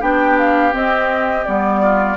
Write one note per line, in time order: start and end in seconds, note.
0.00 0.74 B3
0.00 0.72 D4
0.00 1.81 G4
0.00 0.38 G5
0.38 0.74 F5
0.72 1.45 C4
0.72 1.46 C4
0.72 1.45 D#5
1.45 2.17 G3
1.45 2.17 B3
1.45 2.17 D5
1.82 2.17 F4